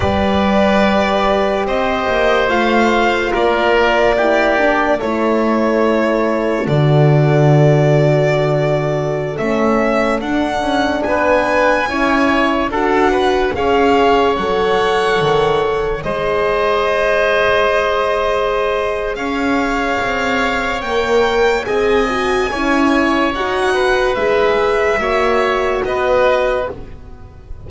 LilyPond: <<
  \new Staff \with { instrumentName = "violin" } { \time 4/4 \tempo 4 = 72 d''2 dis''4 f''4 | d''2 cis''2 | d''2.~ d''16 e''8.~ | e''16 fis''4 gis''2 fis''8.~ |
fis''16 f''4 fis''2 dis''8.~ | dis''2. f''4~ | f''4 g''4 gis''2 | fis''4 e''2 dis''4 | }
  \new Staff \with { instrumentName = "oboe" } { \time 4/4 b'2 c''2 | ais'4 g'4 a'2~ | a'1~ | a'4~ a'16 b'4 cis''4 a'8 b'16~ |
b'16 cis''2. c''8.~ | c''2. cis''4~ | cis''2 dis''4 cis''4~ | cis''8 b'4. cis''4 b'4 | }
  \new Staff \with { instrumentName = "horn" } { \time 4/4 g'2. f'4~ | f'4 e'8 d'8 e'2 | fis'2.~ fis'16 cis'8.~ | cis'16 d'2 e'4 fis'8.~ |
fis'16 gis'4 a'2 gis'8.~ | gis'1~ | gis'4 ais'4 gis'8 fis'8 e'4 | fis'4 gis'4 fis'2 | }
  \new Staff \with { instrumentName = "double bass" } { \time 4/4 g2 c'8 ais8 a4 | ais2 a2 | d2.~ d16 a8.~ | a16 d'8 cis'8 b4 cis'4 d'8.~ |
d'16 cis'4 fis4 dis4 gis8.~ | gis2. cis'4 | c'4 ais4 c'4 cis'4 | dis'4 gis4 ais4 b4 | }
>>